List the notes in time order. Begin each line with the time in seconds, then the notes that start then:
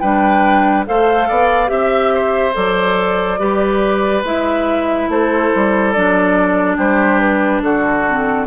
0.00 G3 D4 B4 G5
0.87 A3 A4 C5 F5
1.29 B3 D5
1.68 C4 G4 E5
2.14 C5
2.54 F#3 A4 D5
3.39 G3 G4 B4
4.23 G#3 E4 E5
5.09 A3 A4 C5
5.56 G3
5.92 F#3 D4 D5
6.77 G3 G4 C5
7.20 B4
7.63 D3 F#4 A4
8.08 C4